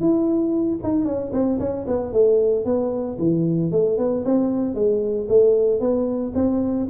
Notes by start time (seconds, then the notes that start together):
0.00 E4
0.83 D#4
1.05 C#4
1.32 C4
1.59 C#4
1.87 B3
2.13 A3
2.65 B3
3.19 E3
3.71 A3
3.98 B3
4.25 C4
4.74 G#3
5.28 A3
5.80 B3
6.34 C4